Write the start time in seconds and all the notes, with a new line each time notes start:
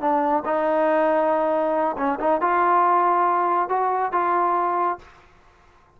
0.00 D4
0.45 D#4
1.97 C#4
2.20 D#4
2.41 F4
3.69 F#4
4.12 F4